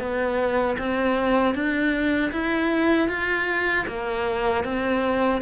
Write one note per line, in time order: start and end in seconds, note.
0.00 0.77 B3
0.79 1.55 C4
1.55 2.32 D4
2.32 3.09 E4
3.09 3.86 F4
3.87 4.64 A#3
4.64 5.41 C4